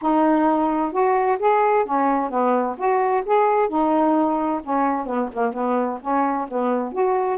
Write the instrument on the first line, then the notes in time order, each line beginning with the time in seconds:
saxophone
0.01 D#4
0.91 F#4
1.38 G#4
1.85 C#4
2.30 B3
2.77 F#4
3.25 G#4
3.68 D#4
4.63 C#4
5.06 B3
5.33 A#3
5.53 B3
6.01 C#4
6.48 B3
6.92 F#4